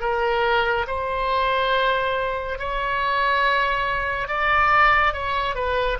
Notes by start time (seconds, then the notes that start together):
0.00 A#4
0.87 C5
2.59 C#5
4.27 D5
5.13 C#5
5.55 B4